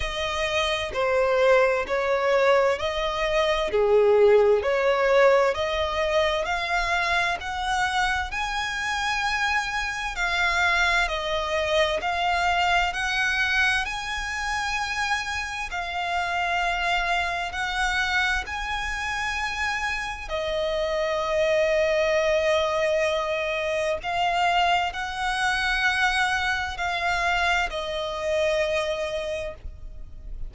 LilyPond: \new Staff \with { instrumentName = "violin" } { \time 4/4 \tempo 4 = 65 dis''4 c''4 cis''4 dis''4 | gis'4 cis''4 dis''4 f''4 | fis''4 gis''2 f''4 | dis''4 f''4 fis''4 gis''4~ |
gis''4 f''2 fis''4 | gis''2 dis''2~ | dis''2 f''4 fis''4~ | fis''4 f''4 dis''2 | }